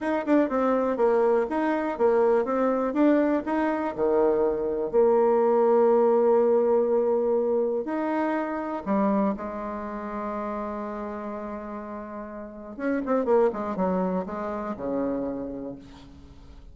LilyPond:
\new Staff \with { instrumentName = "bassoon" } { \time 4/4 \tempo 4 = 122 dis'8 d'8 c'4 ais4 dis'4 | ais4 c'4 d'4 dis'4 | dis2 ais2~ | ais1 |
dis'2 g4 gis4~ | gis1~ | gis2 cis'8 c'8 ais8 gis8 | fis4 gis4 cis2 | }